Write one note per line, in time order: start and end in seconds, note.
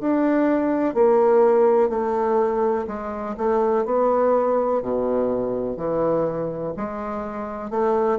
0.00 0.94 D4
0.94 1.89 A#3
1.89 2.86 A3
2.87 3.35 G#3
3.37 3.85 A3
3.85 4.82 B3
4.82 5.77 B2
5.77 6.73 E3
6.77 7.70 G#3
7.70 8.19 A3